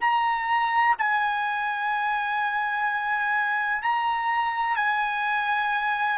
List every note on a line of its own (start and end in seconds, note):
0.00 0.95 A#5
0.98 3.82 G#5
3.82 4.76 A#5
4.76 6.18 G#5